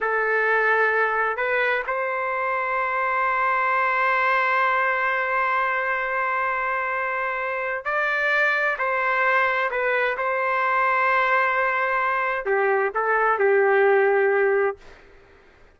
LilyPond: \new Staff \with { instrumentName = "trumpet" } { \time 4/4 \tempo 4 = 130 a'2. b'4 | c''1~ | c''1~ | c''1~ |
c''4 d''2 c''4~ | c''4 b'4 c''2~ | c''2. g'4 | a'4 g'2. | }